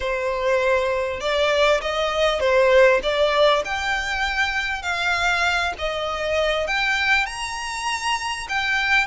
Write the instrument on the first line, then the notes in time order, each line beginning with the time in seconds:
violin
0.00 C5
1.20 D5
1.81 D#5
2.39 C5
3.02 D5
3.64 G5
4.82 F5
5.78 D#5
6.67 G5
7.26 A#5
8.48 G5